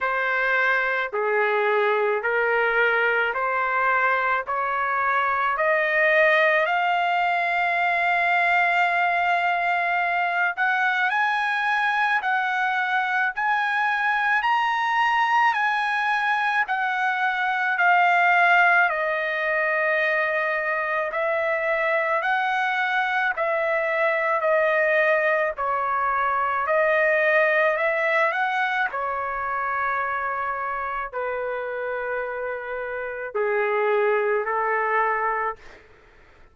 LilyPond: \new Staff \with { instrumentName = "trumpet" } { \time 4/4 \tempo 4 = 54 c''4 gis'4 ais'4 c''4 | cis''4 dis''4 f''2~ | f''4. fis''8 gis''4 fis''4 | gis''4 ais''4 gis''4 fis''4 |
f''4 dis''2 e''4 | fis''4 e''4 dis''4 cis''4 | dis''4 e''8 fis''8 cis''2 | b'2 gis'4 a'4 | }